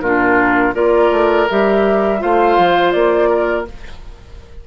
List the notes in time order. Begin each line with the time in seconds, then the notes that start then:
0.00 A#2 D4 F4 A#4
0.73 A#3 F4 A#4 D5
1.11 A3
1.49 G3 G4 E5
2.19 A3 F4 C5 F5
2.57 F3
2.91 A#3 D5
3.29 A#4